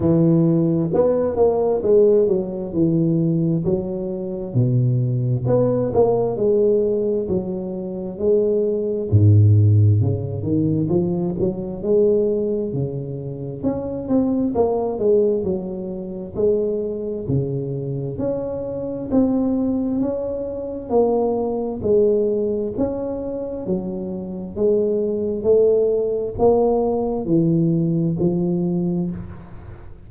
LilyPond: \new Staff \with { instrumentName = "tuba" } { \time 4/4 \tempo 4 = 66 e4 b8 ais8 gis8 fis8 e4 | fis4 b,4 b8 ais8 gis4 | fis4 gis4 gis,4 cis8 dis8 | f8 fis8 gis4 cis4 cis'8 c'8 |
ais8 gis8 fis4 gis4 cis4 | cis'4 c'4 cis'4 ais4 | gis4 cis'4 fis4 gis4 | a4 ais4 e4 f4 | }